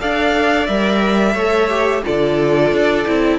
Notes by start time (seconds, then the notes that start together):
0.00 D4 A4 D5 F5
0.67 G3 A#4 E5
1.34 A3 A4 C#5
1.69 G4
2.05 D3 F4 A4 D5
2.72 D4
3.06 C4 E4